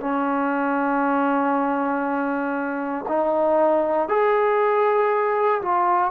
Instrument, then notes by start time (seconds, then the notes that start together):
trombone
0.00 C#4
3.08 D#4
4.09 G#4
5.62 F4